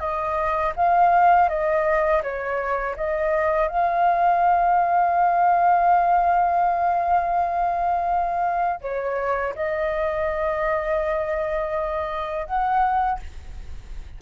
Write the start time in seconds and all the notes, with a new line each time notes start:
0.00 D#5
0.76 F5
1.49 D#5
2.23 C#5
2.97 D#5
3.69 F5
8.81 C#5
9.56 D#5
12.47 F#5